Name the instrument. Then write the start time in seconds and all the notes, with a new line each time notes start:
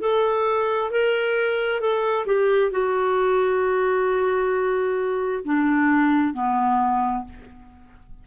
clarinet
0.00 A4
0.90 A#4
1.80 A4
2.26 G4
2.71 F#4
5.44 D4
6.33 B3